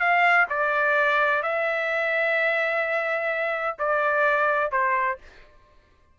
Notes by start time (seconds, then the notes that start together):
0.00 F5
0.50 D5
1.43 E5
3.79 D5
4.72 C5